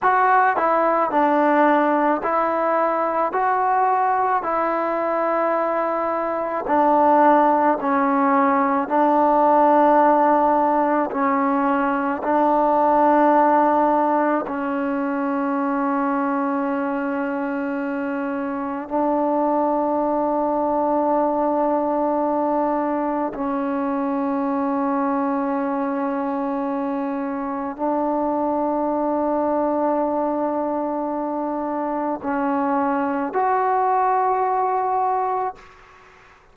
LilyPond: \new Staff \with { instrumentName = "trombone" } { \time 4/4 \tempo 4 = 54 fis'8 e'8 d'4 e'4 fis'4 | e'2 d'4 cis'4 | d'2 cis'4 d'4~ | d'4 cis'2.~ |
cis'4 d'2.~ | d'4 cis'2.~ | cis'4 d'2.~ | d'4 cis'4 fis'2 | }